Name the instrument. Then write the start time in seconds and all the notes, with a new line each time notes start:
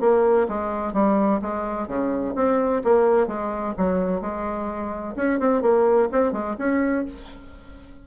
bassoon
0.00 A#3
0.48 G#3
0.93 G3
1.41 G#3
1.87 C#3
2.35 C4
2.84 A#3
3.27 G#3
3.77 F#3
4.21 G#3
5.16 C#4
5.39 C4
5.61 A#3
6.12 C4
6.32 G#3
6.58 C#4